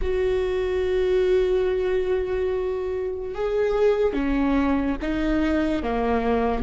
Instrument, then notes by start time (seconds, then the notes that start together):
viola
0.01 F#4
3.34 G#4
4.13 C#4
5.01 D#4
5.83 A#3